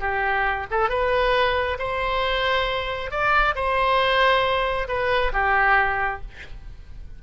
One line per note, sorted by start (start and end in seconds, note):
0.00 0.66 G4
0.71 0.89 A4
0.89 1.77 B4
1.78 3.11 C5
3.11 3.55 D5
3.55 4.87 C5
4.88 5.32 B4
5.33 6.21 G4